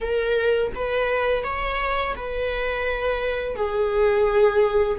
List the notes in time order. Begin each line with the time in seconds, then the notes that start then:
0.00 A#4
0.74 B4
1.43 C#5
2.16 B4
3.55 G#4